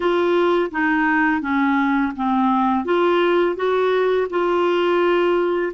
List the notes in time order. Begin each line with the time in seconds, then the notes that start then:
0.00 F4
0.71 D#4
1.41 C#4
2.16 C4
2.84 F4
3.56 F#4
4.30 F4